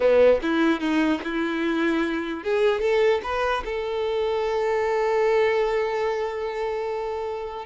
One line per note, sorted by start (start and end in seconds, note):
0.00 0.40 B3
0.42 0.80 E4
0.80 1.20 D#4
1.24 2.43 E4
2.43 2.81 G#4
2.81 3.21 A4
3.23 3.63 B4
3.64 7.65 A4